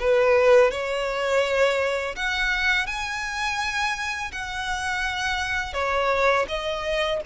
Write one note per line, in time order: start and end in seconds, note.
0.00 0.71 B4
0.71 2.16 C#5
2.16 2.87 F#5
2.87 4.31 G#5
4.32 5.74 F#5
5.74 6.46 C#5
6.49 7.21 D#5